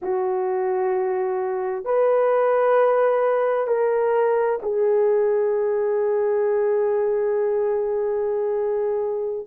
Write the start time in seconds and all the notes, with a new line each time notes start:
0.02 F#4
1.84 B4
3.67 A#4
4.62 G#4